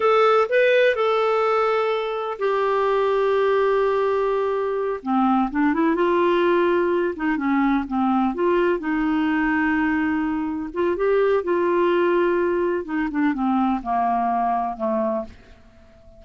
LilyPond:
\new Staff \with { instrumentName = "clarinet" } { \time 4/4 \tempo 4 = 126 a'4 b'4 a'2~ | a'4 g'2.~ | g'2~ g'8 c'4 d'8 | e'8 f'2~ f'8 dis'8 cis'8~ |
cis'8 c'4 f'4 dis'4.~ | dis'2~ dis'8 f'8 g'4 | f'2. dis'8 d'8 | c'4 ais2 a4 | }